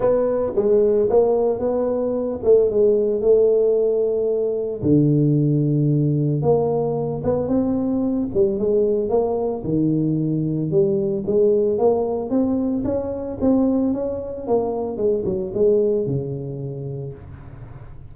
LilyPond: \new Staff \with { instrumentName = "tuba" } { \time 4/4 \tempo 4 = 112 b4 gis4 ais4 b4~ | b8 a8 gis4 a2~ | a4 d2. | ais4. b8 c'4. g8 |
gis4 ais4 dis2 | g4 gis4 ais4 c'4 | cis'4 c'4 cis'4 ais4 | gis8 fis8 gis4 cis2 | }